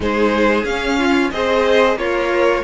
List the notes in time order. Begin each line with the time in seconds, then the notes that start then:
0.00 G#3 D#4 G#4 C5
0.64 C#4 F5
0.98 F4
1.31 C4 G#4 C5 D#5
1.95 A#3 F4 A#4 C#5